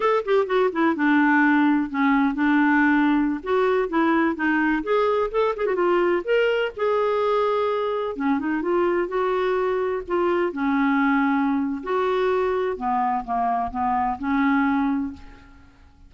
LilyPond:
\new Staff \with { instrumentName = "clarinet" } { \time 4/4 \tempo 4 = 127 a'8 g'8 fis'8 e'8 d'2 | cis'4 d'2~ d'16 fis'8.~ | fis'16 e'4 dis'4 gis'4 a'8 gis'16 | fis'16 f'4 ais'4 gis'4.~ gis'16~ |
gis'4~ gis'16 cis'8 dis'8 f'4 fis'8.~ | fis'4~ fis'16 f'4 cis'4.~ cis'16~ | cis'4 fis'2 b4 | ais4 b4 cis'2 | }